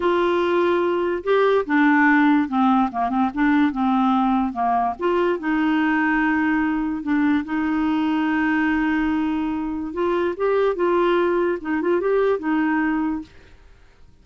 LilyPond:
\new Staff \with { instrumentName = "clarinet" } { \time 4/4 \tempo 4 = 145 f'2. g'4 | d'2 c'4 ais8 c'8 | d'4 c'2 ais4 | f'4 dis'2.~ |
dis'4 d'4 dis'2~ | dis'1 | f'4 g'4 f'2 | dis'8 f'8 g'4 dis'2 | }